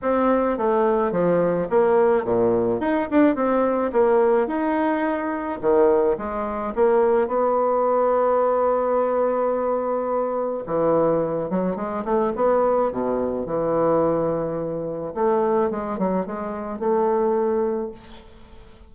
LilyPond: \new Staff \with { instrumentName = "bassoon" } { \time 4/4 \tempo 4 = 107 c'4 a4 f4 ais4 | ais,4 dis'8 d'8 c'4 ais4 | dis'2 dis4 gis4 | ais4 b2.~ |
b2. e4~ | e8 fis8 gis8 a8 b4 b,4 | e2. a4 | gis8 fis8 gis4 a2 | }